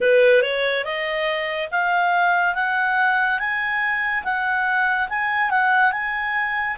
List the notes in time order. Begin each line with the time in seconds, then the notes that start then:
0.00 B4
0.42 C#5
0.84 D#5
1.71 F5
2.55 F#5
3.39 G#5
4.23 F#5
5.09 G#5
5.50 F#5
5.92 G#5